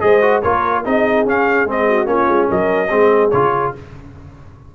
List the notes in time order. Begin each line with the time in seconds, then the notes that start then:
0.00 G#3 G#4 C5 D#5
0.22 F#4
0.42 A#3 F4 A#4 C#5
0.85 C4 D#4 G#4 D#5
1.26 C#4 F5
1.65 G#3 C4 D#5
1.89 F#4
2.05 A#3 C#4 F4 C#5
2.28 G#3
2.49 F#3 A#4 D#5
2.90 G#3 C4 G#4
3.31 C#3 F4 C#5